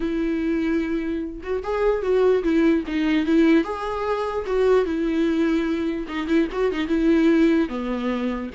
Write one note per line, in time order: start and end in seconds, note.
0.00 1.41 E4
1.42 1.63 F#4
1.63 2.02 G#4
2.02 2.42 F#4
2.43 2.84 E4
2.87 3.26 D#4
3.26 3.64 E4
3.64 4.45 G#4
4.46 4.85 F#4
4.85 6.06 E4
6.08 6.27 D#4
6.27 6.47 E4
6.51 6.72 F#4
6.72 6.87 D#4
6.87 7.68 E4
7.69 8.50 B3